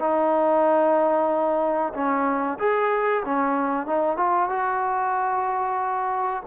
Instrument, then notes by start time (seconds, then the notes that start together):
trombone
0.00 D#4
1.94 C#4
2.59 G#4
3.25 C#4
3.87 D#4
4.18 F4
4.50 F#4